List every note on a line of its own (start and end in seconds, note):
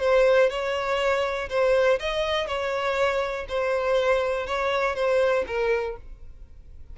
0.00 0.50 C5
0.50 1.49 C#5
1.49 1.99 C5
1.99 2.47 D#5
2.47 3.46 C#5
3.48 4.46 C5
4.46 4.95 C#5
4.95 5.45 C5
5.47 5.96 A#4